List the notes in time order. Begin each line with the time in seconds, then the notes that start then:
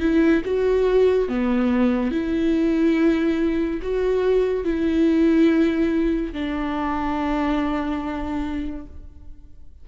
0.00 E4
0.45 F#4
1.29 B3
2.12 E4
3.82 F#4
4.65 E4
6.33 D4